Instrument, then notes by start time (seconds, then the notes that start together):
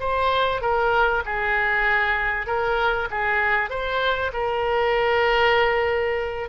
oboe
0.00 C5
0.62 A#4
1.25 G#4
2.47 A#4
3.11 G#4
3.70 C5
4.33 A#4